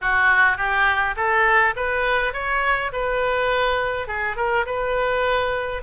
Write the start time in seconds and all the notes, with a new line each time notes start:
0.01 F#4
0.57 G4
1.16 A4
1.76 B4
2.33 C#5
2.92 B4
4.07 G#4
4.36 A#4
4.66 B4